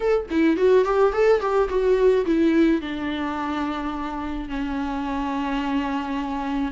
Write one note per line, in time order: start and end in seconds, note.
0.00 0.26 A4
0.30 0.56 E4
0.56 0.84 F#4
0.84 1.12 G4
1.12 1.40 A4
1.40 1.68 G4
1.69 2.25 F#4
2.25 2.81 E4
2.81 4.48 D4
4.48 6.71 C#4